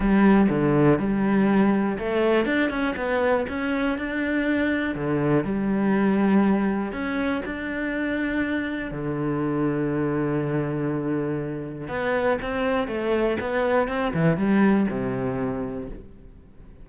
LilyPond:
\new Staff \with { instrumentName = "cello" } { \time 4/4 \tempo 4 = 121 g4 d4 g2 | a4 d'8 cis'8 b4 cis'4 | d'2 d4 g4~ | g2 cis'4 d'4~ |
d'2 d2~ | d1 | b4 c'4 a4 b4 | c'8 e8 g4 c2 | }